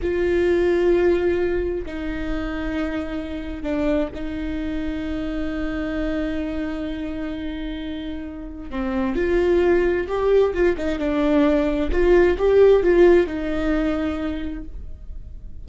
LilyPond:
\new Staff \with { instrumentName = "viola" } { \time 4/4 \tempo 4 = 131 f'1 | dis'1 | d'4 dis'2.~ | dis'1~ |
dis'2. c'4 | f'2 g'4 f'8 dis'8 | d'2 f'4 g'4 | f'4 dis'2. | }